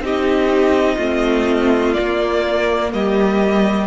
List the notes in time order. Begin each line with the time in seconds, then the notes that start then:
0.00 C4 D#4 G4
0.06 D#5
0.95 A3 C4 F4
1.93 A#3 D5
2.93 G3 G4 D#5